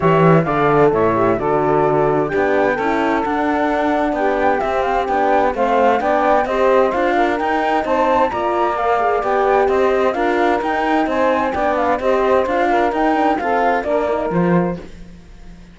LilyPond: <<
  \new Staff \with { instrumentName = "flute" } { \time 4/4 \tempo 4 = 130 e''4 f''4 e''4 d''4~ | d''4 g''2 fis''4~ | fis''4 g''4 e''8 f''8 g''4 | f''4 g''4 dis''4 f''4 |
g''4 a''4 ais''4 f''4 | g''4 dis''4 f''4 g''4 | gis''4 g''8 f''8 dis''4 f''4 | g''4 f''4 d''4 c''4 | }
  \new Staff \with { instrumentName = "saxophone" } { \time 4/4 cis''4 d''4 cis''4 a'4~ | a'4 g'4 a'2~ | a'4 g'2. | c''4 d''4 c''4. ais'8~ |
ais'4 c''4 d''2~ | d''4 c''4 ais'2 | c''4 d''4 c''4. ais'8~ | ais'4 a'4 ais'2 | }
  \new Staff \with { instrumentName = "horn" } { \time 4/4 g'4 a'4. g'8 fis'4~ | fis'4 d'4 e'4 d'4~ | d'2 c'4 d'4 | c'4 d'4 g'4 f'4 |
dis'2 f'4 ais'8 gis'8 | g'2 f'4 dis'4~ | dis'4 d'4 g'4 f'4 | dis'8 d'8 c'4 d'8 dis'8 f'4 | }
  \new Staff \with { instrumentName = "cello" } { \time 4/4 e4 d4 a,4 d4~ | d4 b4 cis'4 d'4~ | d'4 b4 c'4 b4 | a4 b4 c'4 d'4 |
dis'4 c'4 ais2 | b4 c'4 d'4 dis'4 | c'4 b4 c'4 d'4 | dis'4 f'4 ais4 f4 | }
>>